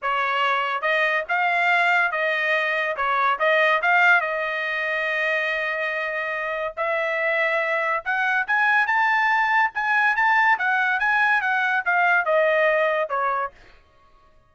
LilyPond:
\new Staff \with { instrumentName = "trumpet" } { \time 4/4 \tempo 4 = 142 cis''2 dis''4 f''4~ | f''4 dis''2 cis''4 | dis''4 f''4 dis''2~ | dis''1 |
e''2. fis''4 | gis''4 a''2 gis''4 | a''4 fis''4 gis''4 fis''4 | f''4 dis''2 cis''4 | }